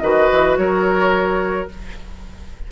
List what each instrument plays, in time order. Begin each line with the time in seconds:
0.00 bassoon D#3, clarinet F#4, oboe B4, flute D#5
0.32 bassoon E3
0.57 bassoon F#3, oboe A#4, flute C#5